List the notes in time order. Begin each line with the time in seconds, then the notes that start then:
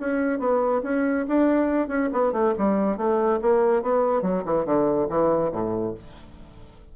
0.00 C#4
0.39 B3
0.83 C#4
1.28 D4
1.88 C#4
2.12 B3
2.32 A3
2.58 G3
2.97 A3
3.42 A#3
3.82 B3
4.22 F#3
4.45 E3
4.65 D3
5.09 E3
5.52 A2